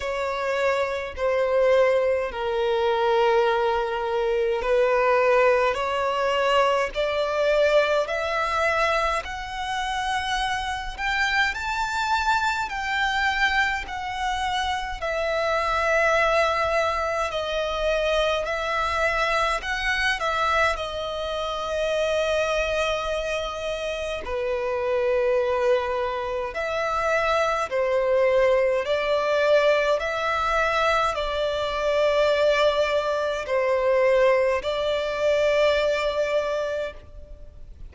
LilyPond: \new Staff \with { instrumentName = "violin" } { \time 4/4 \tempo 4 = 52 cis''4 c''4 ais'2 | b'4 cis''4 d''4 e''4 | fis''4. g''8 a''4 g''4 | fis''4 e''2 dis''4 |
e''4 fis''8 e''8 dis''2~ | dis''4 b'2 e''4 | c''4 d''4 e''4 d''4~ | d''4 c''4 d''2 | }